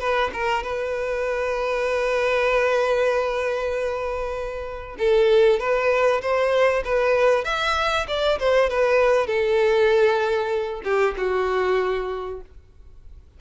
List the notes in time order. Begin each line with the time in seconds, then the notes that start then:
0.00 B4
0.34 A#4
0.64 B4
4.99 A4
5.60 B4
6.22 C5
6.85 B4
7.45 E5
8.08 D5
8.40 C5
8.70 B4
9.27 A4
10.84 G4
11.18 F#4